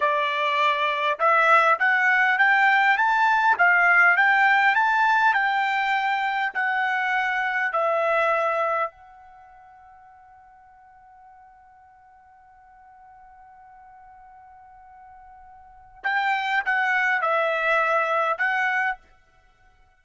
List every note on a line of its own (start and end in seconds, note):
0.00 1.19 D5
1.19 1.78 E5
1.79 2.38 F#5
2.38 2.97 G5
2.97 3.56 A5
3.58 4.16 F5
4.16 4.75 G5
4.75 5.33 A5
5.33 6.52 G5
6.53 7.72 F#5
7.72 8.90 E5
8.90 16.03 F#5
16.03 16.63 G5
16.65 17.21 F#5
17.21 18.38 E5
18.38 18.97 F#5